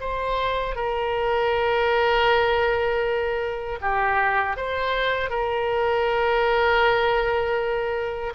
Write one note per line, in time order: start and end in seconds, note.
0.00 0.75 C5
0.75 3.79 A#4
3.81 4.56 G4
4.56 5.29 C5
5.29 8.33 A#4